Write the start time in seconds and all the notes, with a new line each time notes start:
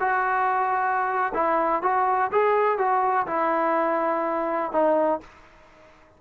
0.00 F#4
1.34 E4
1.82 F#4
2.32 G#4
2.78 F#4
3.27 E4
4.72 D#4